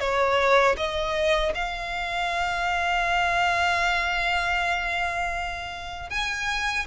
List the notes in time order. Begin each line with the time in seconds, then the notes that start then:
0.00 C#5
0.77 D#5
1.55 F5
6.10 G#5